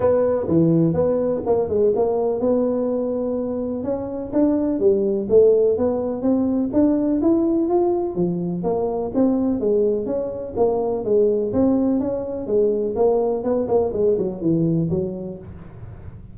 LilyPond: \new Staff \with { instrumentName = "tuba" } { \time 4/4 \tempo 4 = 125 b4 e4 b4 ais8 gis8 | ais4 b2. | cis'4 d'4 g4 a4 | b4 c'4 d'4 e'4 |
f'4 f4 ais4 c'4 | gis4 cis'4 ais4 gis4 | c'4 cis'4 gis4 ais4 | b8 ais8 gis8 fis8 e4 fis4 | }